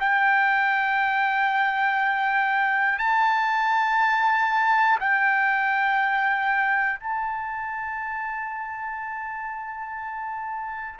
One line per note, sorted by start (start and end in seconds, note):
0.00 2.99 G5
2.99 4.99 A5
5.00 7.00 G5
7.00 11.00 A5